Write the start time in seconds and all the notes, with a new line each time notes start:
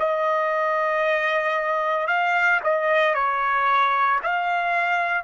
0.00 D#5
2.08 F5
2.64 D#5
3.15 C#5
4.23 F5